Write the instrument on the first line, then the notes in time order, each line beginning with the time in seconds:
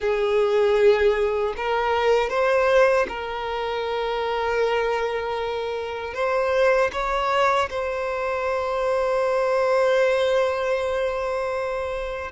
violin
0.00 G#4
1.56 A#4
2.29 C5
3.08 A#4
6.14 C5
6.92 C#5
7.70 C5